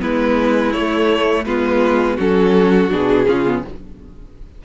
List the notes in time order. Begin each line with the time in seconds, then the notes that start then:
0.00 G#3 B3 E4 B4
0.73 A3 C#5
1.46 G#3 B3 F4 B4
2.17 F#3 C#4 F#4 A4
2.90 B2 D4 G#4
3.27 C#3 C#4 F4
3.47 B3